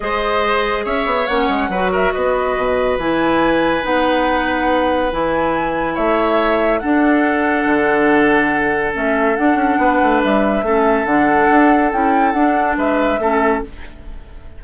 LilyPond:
<<
  \new Staff \with { instrumentName = "flute" } { \time 4/4 \tempo 4 = 141 dis''2 e''4 fis''4~ | fis''8 e''8 dis''2 gis''4~ | gis''4 fis''2. | gis''2 e''2 |
fis''1~ | fis''4 e''4 fis''2 | e''2 fis''2 | g''4 fis''4 e''2 | }
  \new Staff \with { instrumentName = "oboe" } { \time 4/4 c''2 cis''2 | b'8 ais'8 b'2.~ | b'1~ | b'2 cis''2 |
a'1~ | a'2. b'4~ | b'4 a'2.~ | a'2 b'4 a'4 | }
  \new Staff \with { instrumentName = "clarinet" } { \time 4/4 gis'2. cis'4 | fis'2. e'4~ | e'4 dis'2. | e'1 |
d'1~ | d'4 cis'4 d'2~ | d'4 cis'4 d'2 | e'4 d'2 cis'4 | }
  \new Staff \with { instrumentName = "bassoon" } { \time 4/4 gis2 cis'8 b8 ais8 gis8 | fis4 b4 b,4 e4~ | e4 b2. | e2 a2 |
d'2 d2~ | d4 a4 d'8 cis'8 b8 a8 | g4 a4 d4 d'4 | cis'4 d'4 gis4 a4 | }
>>